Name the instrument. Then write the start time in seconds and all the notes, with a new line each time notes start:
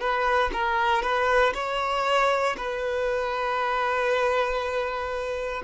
violin
0.00 B4
0.52 A#4
1.02 B4
1.54 C#5
2.57 B4